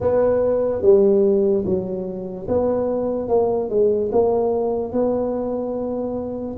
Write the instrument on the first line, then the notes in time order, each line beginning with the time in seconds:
tuba
0.00 B3
0.81 G3
1.65 F#3
2.48 B3
3.28 A#3
3.69 G#3
4.11 A#3
4.92 B3